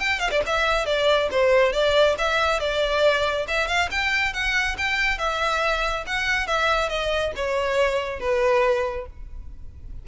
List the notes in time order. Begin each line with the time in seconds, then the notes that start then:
0.00 G5
0.19 F5
0.31 D5
0.46 E5
0.86 D5
1.31 C5
1.72 D5
2.18 E5
2.60 D5
3.48 E5
3.67 F5
3.91 G5
4.33 F#5
4.78 G5
5.18 E5
6.06 F#5
6.47 E5
6.89 D#5
7.36 C#5
8.20 B4